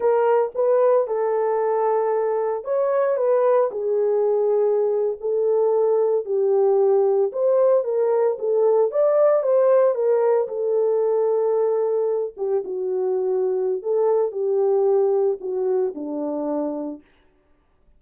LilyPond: \new Staff \with { instrumentName = "horn" } { \time 4/4 \tempo 4 = 113 ais'4 b'4 a'2~ | a'4 cis''4 b'4 gis'4~ | gis'4.~ gis'16 a'2 g'16~ | g'4.~ g'16 c''4 ais'4 a'16~ |
a'8. d''4 c''4 ais'4 a'16~ | a'2.~ a'16 g'8 fis'16~ | fis'2 a'4 g'4~ | g'4 fis'4 d'2 | }